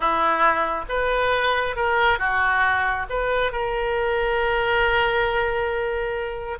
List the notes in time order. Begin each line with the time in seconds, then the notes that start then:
0.00 E4
0.88 B4
1.75 A#4
2.19 F#4
3.09 B4
3.52 A#4